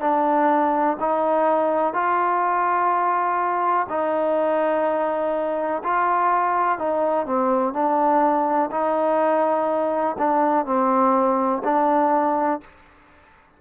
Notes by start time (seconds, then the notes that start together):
0.00 D4
1.00 D#4
1.93 F4
3.89 D#4
5.83 F4
6.78 D#4
7.26 C4
7.73 D4
8.71 D#4
10.18 D4
10.65 C4
11.64 D4